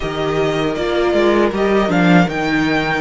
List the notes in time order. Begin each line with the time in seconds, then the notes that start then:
0.00 D#3 G4 A#4 D#5
0.74 A#3 F4 D5
1.13 G#3
1.52 G3 G4 D#5
1.88 F3 D4 F5
2.26 D#3 D#4 G5